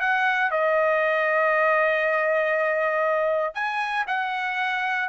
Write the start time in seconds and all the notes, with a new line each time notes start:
0.00 F#5
0.51 D#5
3.55 G#5
4.07 F#5